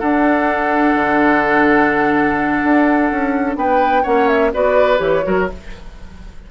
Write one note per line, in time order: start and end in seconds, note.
0.00 0.95 D4
0.00 4.05 D4
0.00 3.57 A4
0.00 3.57 F#5
0.95 2.62 D3
2.64 3.12 D4
3.12 3.56 C#4
3.56 4.04 B3
3.56 4.03 B4
3.56 4.05 G5
4.03 4.54 A#3
4.03 4.53 C#4
4.03 4.51 C#5
4.03 4.28 F#5
4.28 4.52 E5
4.53 5.00 B3
4.53 4.98 F#4
4.53 5.26 B4
4.53 4.99 D5
4.98 5.24 E3
4.98 5.22 G4
4.98 5.47 C#5
5.23 5.51 F#3
5.23 5.47 F#4
5.23 5.51 A#4